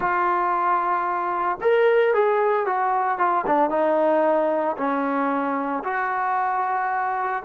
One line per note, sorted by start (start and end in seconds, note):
0.00 1.58 F4
1.61 2.14 A#4
2.14 2.66 G#4
2.66 3.18 F#4
3.18 3.45 F4
3.46 3.70 D4
3.70 4.76 D#4
4.77 5.83 C#4
5.84 7.43 F#4